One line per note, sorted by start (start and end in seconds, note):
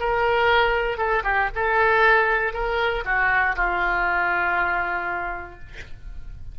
0.00 0.98 A#4
0.98 1.23 A4
1.24 1.49 G4
1.55 2.53 A4
2.53 3.04 A#4
3.05 3.56 F#4
3.56 5.59 F4